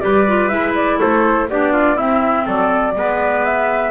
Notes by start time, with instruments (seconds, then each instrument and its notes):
0.00 double bass G3, clarinet G4, trumpet B4, flute D5
0.27 clarinet F4
0.48 double bass G#3, clarinet E4, flute E5
0.75 flute D5
1.00 double bass A3, trumpet A4, flute C5
1.50 double bass B3, clarinet D4, trumpet G4, flute D5
1.73 trumpet F4
1.97 clarinet C4, double bass C4, trumpet E4, flute E5
2.46 double bass F#3, trumpet A4, flute D5
2.95 double bass G#3, clarinet B3, trumpet B4
3.45 flute E5